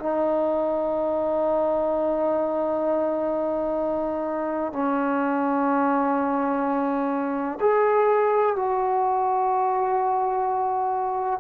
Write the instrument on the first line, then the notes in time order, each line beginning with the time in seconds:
trombone
0.00 D#4
4.73 C#4
7.61 G#4
8.56 F#4